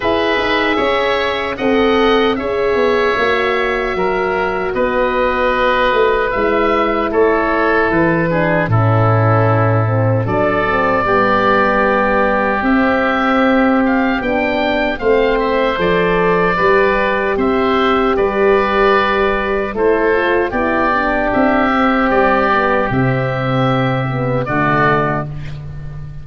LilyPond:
<<
  \new Staff \with { instrumentName = "oboe" } { \time 4/4 \tempo 4 = 76 e''2 fis''4 e''4~ | e''2 dis''2 | e''4 cis''4 b'4 a'4~ | a'4 d''2. |
e''4. f''8 g''4 f''8 e''8 | d''2 e''4 d''4~ | d''4 c''4 d''4 e''4 | d''4 e''2 d''4 | }
  \new Staff \with { instrumentName = "oboe" } { \time 4/4 b'4 cis''4 dis''4 cis''4~ | cis''4 ais'4 b'2~ | b'4 a'4. gis'8 e'4~ | e'4 a'4 g'2~ |
g'2. c''4~ | c''4 b'4 c''4 b'4~ | b'4 a'4 g'2~ | g'2. fis'4 | }
  \new Staff \with { instrumentName = "horn" } { \time 4/4 gis'2 a'4 gis'4 | fis'1 | e'2~ e'8 d'8 cis'4~ | cis'8 c'8 d'8 c'8 b2 |
c'2 d'4 c'4 | a'4 g'2.~ | g'4 e'8 f'8 e'8 d'4 c'8~ | c'8 b8 c'4. b8 a4 | }
  \new Staff \with { instrumentName = "tuba" } { \time 4/4 e'8 dis'8 cis'4 c'4 cis'8 b8 | ais4 fis4 b4. a8 | gis4 a4 e4 a,4~ | a,4 fis4 g2 |
c'2 b4 a4 | f4 g4 c'4 g4~ | g4 a4 b4 c'4 | g4 c2 d4 | }
>>